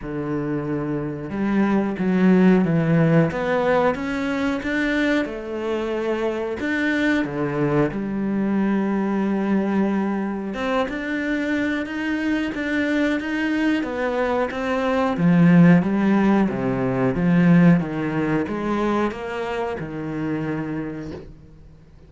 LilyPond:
\new Staff \with { instrumentName = "cello" } { \time 4/4 \tempo 4 = 91 d2 g4 fis4 | e4 b4 cis'4 d'4 | a2 d'4 d4 | g1 |
c'8 d'4. dis'4 d'4 | dis'4 b4 c'4 f4 | g4 c4 f4 dis4 | gis4 ais4 dis2 | }